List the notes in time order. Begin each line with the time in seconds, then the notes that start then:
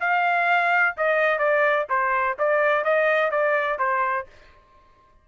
0.00 F5
0.97 D#5
1.39 D5
1.89 C5
2.39 D5
2.84 D#5
3.31 D5
3.79 C5